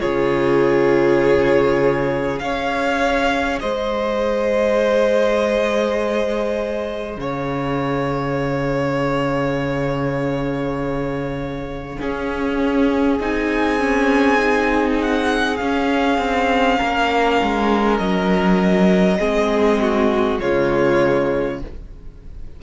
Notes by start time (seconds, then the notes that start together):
0.00 C#3 F4 G#4 C#5
2.37 C#4 G#4 F5
2.44 C#5
3.60 G#3 C5 D#5
7.17 C#3 C#5 F5
12.00 C#4 G#4
13.20 C4 D#4 G#5
13.80 C#4
14.38 D#4
15.02 F#5
15.57 C#4 F5
16.18 C4
16.78 A#3 A#4
17.42 G#3
17.98 F#3 D#5
19.19 G#3 C4 G#4
19.82 F#4
20.40 C#3 G#3 F4 C#5